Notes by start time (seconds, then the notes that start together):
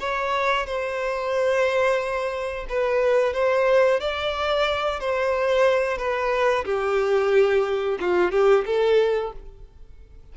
0.00 C#5
0.66 C5
2.69 B4
3.34 C5
4.01 D5
5.00 C5
5.98 B4
6.65 G4
8.01 F4
8.32 G4
8.66 A4